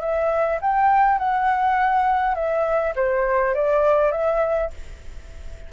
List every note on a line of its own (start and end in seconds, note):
0.00 0.59 E5
0.61 1.18 G5
1.18 2.34 F#5
2.34 2.93 E5
2.95 3.54 C5
3.54 4.11 D5
4.11 4.70 E5